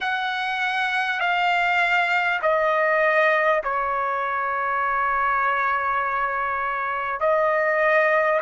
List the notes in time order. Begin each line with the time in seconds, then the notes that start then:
0.01 F#5
1.20 F5
2.42 D#5
3.63 C#5
7.20 D#5